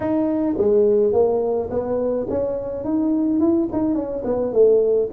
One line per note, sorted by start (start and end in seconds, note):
0.00 0.56 D#4
0.57 1.12 G#3
1.12 1.69 A#3
1.70 2.26 B3
2.29 2.84 C#4
2.84 3.40 D#4
3.40 3.68 E4
3.72 3.94 D#4
3.94 4.23 C#4
4.24 4.52 B3
4.52 5.09 A3